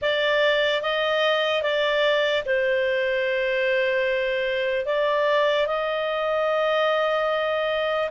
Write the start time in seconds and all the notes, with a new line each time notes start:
0.01 D5
0.82 D#5
1.62 D5
2.45 C5
4.85 D5
5.66 D#5